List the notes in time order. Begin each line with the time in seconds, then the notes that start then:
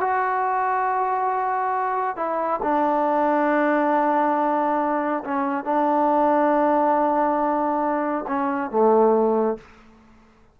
0.00 F#4
2.16 E4
2.62 D4
5.24 C#4
5.64 D4
8.27 C#4
8.70 A3